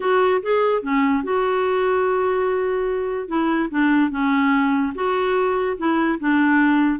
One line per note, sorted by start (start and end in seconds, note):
0.00 0.41 F#4
0.42 0.82 G#4
0.82 1.23 C#4
1.23 3.28 F#4
3.28 3.69 E4
3.70 4.11 D4
4.11 4.93 C#4
4.94 5.77 F#4
5.77 6.18 E4
6.19 6.99 D4